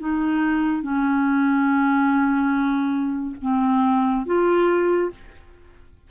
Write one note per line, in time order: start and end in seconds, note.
0.00 0.83 D#4
0.83 3.36 C#4
3.42 4.26 C4
4.26 5.11 F4